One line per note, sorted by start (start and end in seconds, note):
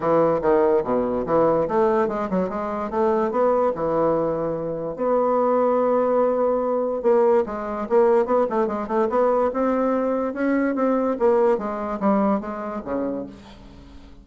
0.00 0.40 E3
0.41 0.83 D#3
0.84 1.25 B2
1.26 1.67 E3
1.68 2.08 A3
2.08 2.28 G#3
2.30 2.49 F#3
2.49 2.90 G#3
2.90 3.31 A3
3.31 3.72 B3
3.75 4.95 E3
4.95 7.02 B3
7.02 7.44 A#3
7.46 7.87 G#3
7.89 8.25 A#3
8.25 8.46 B3
8.49 8.67 A3
8.67 8.87 G#3
8.87 9.08 A3
9.09 9.51 B3
9.53 10.33 C4
10.33 10.75 C#4
10.75 11.16 C4
11.19 11.58 A#3
11.58 11.99 G#3
12.00 12.40 G3
12.40 12.81 G#3
12.84 13.26 C#3